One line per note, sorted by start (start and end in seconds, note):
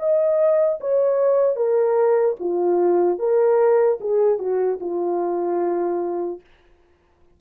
0.00 0.80 D#5
0.81 1.57 C#5
1.57 2.37 A#4
2.40 3.19 F4
3.19 3.99 A#4
4.01 4.39 G#4
4.39 4.79 F#4
4.81 6.41 F4